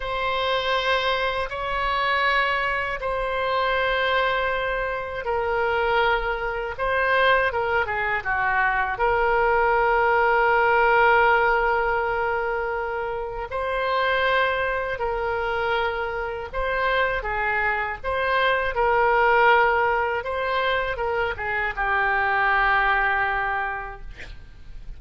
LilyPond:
\new Staff \with { instrumentName = "oboe" } { \time 4/4 \tempo 4 = 80 c''2 cis''2 | c''2. ais'4~ | ais'4 c''4 ais'8 gis'8 fis'4 | ais'1~ |
ais'2 c''2 | ais'2 c''4 gis'4 | c''4 ais'2 c''4 | ais'8 gis'8 g'2. | }